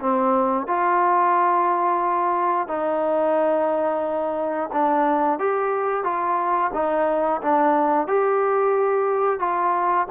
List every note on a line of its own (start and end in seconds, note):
0.00 0.67 C4
0.67 2.68 F4
2.68 4.70 D#4
4.73 5.39 D4
5.39 6.04 G4
6.04 6.71 F4
6.74 7.41 D#4
7.42 8.07 D4
8.07 9.39 G4
9.39 10.07 F4